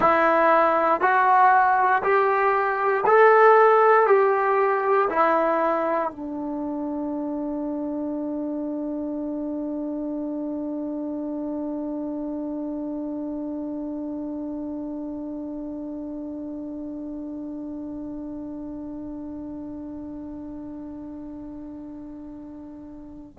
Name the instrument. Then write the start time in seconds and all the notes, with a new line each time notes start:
trombone
0.00 E4
1.00 F#4
2.02 G4
3.06 A4
4.07 G4
5.09 E4
6.10 D4